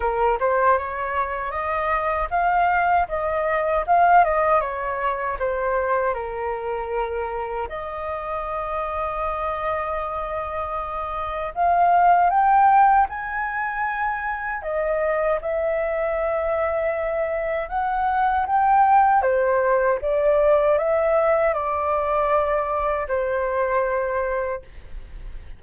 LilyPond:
\new Staff \with { instrumentName = "flute" } { \time 4/4 \tempo 4 = 78 ais'8 c''8 cis''4 dis''4 f''4 | dis''4 f''8 dis''8 cis''4 c''4 | ais'2 dis''2~ | dis''2. f''4 |
g''4 gis''2 dis''4 | e''2. fis''4 | g''4 c''4 d''4 e''4 | d''2 c''2 | }